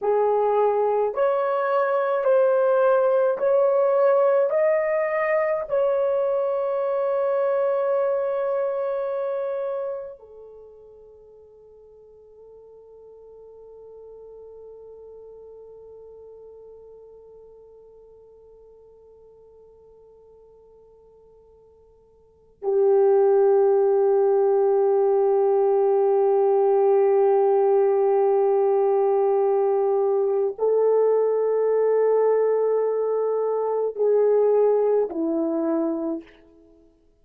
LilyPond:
\new Staff \with { instrumentName = "horn" } { \time 4/4 \tempo 4 = 53 gis'4 cis''4 c''4 cis''4 | dis''4 cis''2.~ | cis''4 a'2.~ | a'1~ |
a'1 | g'1~ | g'2. a'4~ | a'2 gis'4 e'4 | }